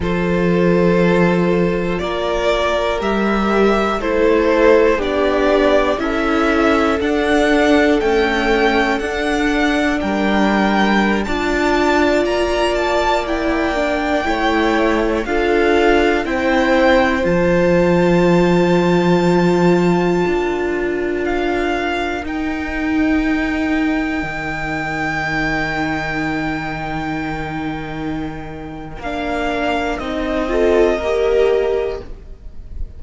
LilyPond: <<
  \new Staff \with { instrumentName = "violin" } { \time 4/4 \tempo 4 = 60 c''2 d''4 e''4 | c''4 d''4 e''4 fis''4 | g''4 fis''4 g''4~ g''16 a''8.~ | a''16 ais''8 a''8 g''2 f''8.~ |
f''16 g''4 a''2~ a''8.~ | a''4~ a''16 f''4 g''4.~ g''16~ | g''1~ | g''4 f''4 dis''2 | }
  \new Staff \with { instrumentName = "violin" } { \time 4/4 a'2 ais'2 | a'4 g'4 a'2~ | a'2 ais'4~ ais'16 d''8.~ | d''2~ d''16 cis''4 a'8.~ |
a'16 c''2.~ c''8.~ | c''16 ais'2.~ ais'8.~ | ais'1~ | ais'2~ ais'8 a'8 ais'4 | }
  \new Staff \with { instrumentName = "viola" } { \time 4/4 f'2. g'4 | e'4 d'4 e'4 d'4 | a4 d'2~ d'16 f'8.~ | f'4~ f'16 e'8 d'8 e'4 f'8.~ |
f'16 e'4 f'2~ f'8.~ | f'2~ f'16 dis'4.~ dis'16~ | dis'1~ | dis'4 d'4 dis'8 f'8 g'4 | }
  \new Staff \with { instrumentName = "cello" } { \time 4/4 f2 ais4 g4 | a4 b4 cis'4 d'4 | cis'4 d'4 g4~ g16 d'8.~ | d'16 ais2 a4 d'8.~ |
d'16 c'4 f2~ f8.~ | f16 d'2 dis'4.~ dis'16~ | dis'16 dis2.~ dis8.~ | dis4 ais4 c'4 ais4 | }
>>